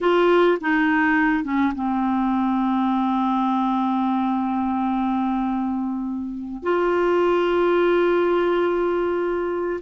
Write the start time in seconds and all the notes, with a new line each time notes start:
0.00 F4
0.60 D#4
1.44 C#4
1.74 C4
6.62 F4